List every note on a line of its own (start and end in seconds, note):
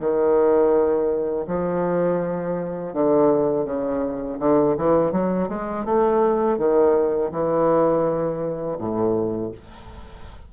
0.00 1.46 D#3
1.47 2.94 F3
2.94 3.66 D3
3.66 4.39 C#3
4.39 4.76 D3
4.78 5.12 E3
5.12 5.49 F#3
5.49 5.85 G#3
5.85 6.58 A3
6.58 7.31 D#3
7.32 8.78 E3
8.79 9.52 A2